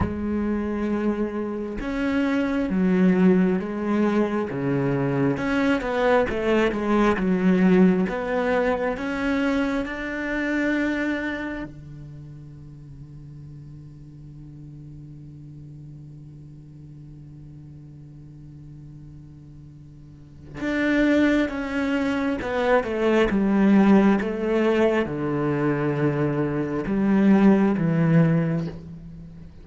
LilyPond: \new Staff \with { instrumentName = "cello" } { \time 4/4 \tempo 4 = 67 gis2 cis'4 fis4 | gis4 cis4 cis'8 b8 a8 gis8 | fis4 b4 cis'4 d'4~ | d'4 d2.~ |
d1~ | d2. d'4 | cis'4 b8 a8 g4 a4 | d2 g4 e4 | }